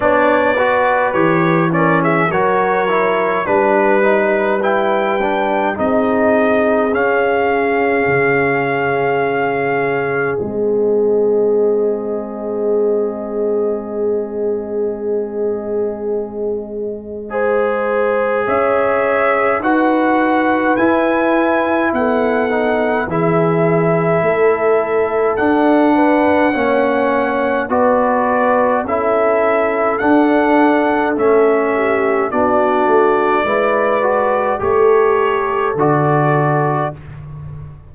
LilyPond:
<<
  \new Staff \with { instrumentName = "trumpet" } { \time 4/4 \tempo 4 = 52 d''4 cis''8 d''16 e''16 cis''4 b'4 | g''4 dis''4 f''2~ | f''4 dis''2.~ | dis''1 |
e''4 fis''4 gis''4 fis''4 | e''2 fis''2 | d''4 e''4 fis''4 e''4 | d''2 cis''4 d''4 | }
  \new Staff \with { instrumentName = "horn" } { \time 4/4 cis''8 b'4 ais'16 gis'16 ais'4 b'4~ | b'4 gis'2.~ | gis'1~ | gis'2. c''4 |
cis''4 b'2 a'4 | gis'4 a'4. b'8 cis''4 | b'4 a'2~ a'8 g'8 | fis'4 b'4 a'2 | }
  \new Staff \with { instrumentName = "trombone" } { \time 4/4 d'8 fis'8 g'8 cis'8 fis'8 e'8 d'8 dis'8 | e'8 d'8 dis'4 cis'2~ | cis'4 c'2.~ | c'2. gis'4~ |
gis'4 fis'4 e'4. dis'8 | e'2 d'4 cis'4 | fis'4 e'4 d'4 cis'4 | d'4 e'8 fis'8 g'4 fis'4 | }
  \new Staff \with { instrumentName = "tuba" } { \time 4/4 b4 e4 fis4 g4~ | g4 c'4 cis'4 cis4~ | cis4 gis2.~ | gis1 |
cis'4 dis'4 e'4 b4 | e4 a4 d'4 ais4 | b4 cis'4 d'4 a4 | b8 a8 gis4 a4 d4 | }
>>